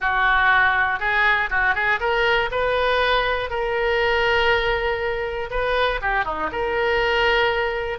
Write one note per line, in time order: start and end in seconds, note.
0.00 0.99 F#4
0.99 1.49 G#4
1.50 1.74 F#4
1.74 1.99 G#4
2.00 2.50 A#4
2.51 3.50 B4
3.50 5.50 A#4
5.50 6.00 B4
6.01 6.25 G4
6.25 6.50 D#4
6.51 7.98 A#4